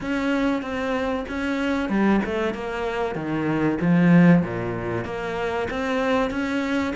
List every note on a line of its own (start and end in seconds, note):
0.00 0.62 C#4
0.62 1.25 C4
1.28 1.89 C#4
1.89 2.20 G3
2.24 2.53 A3
2.53 3.15 A#3
3.15 3.78 D#3
3.80 4.42 F3
4.42 5.04 A#2
5.04 5.68 A#3
5.70 6.30 C4
6.30 6.93 C#4